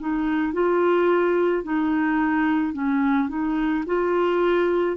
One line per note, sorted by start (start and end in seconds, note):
0.00 0.53 D#4
0.53 1.64 F4
1.64 2.73 D#4
2.73 3.29 C#4
3.29 3.84 D#4
3.86 4.97 F4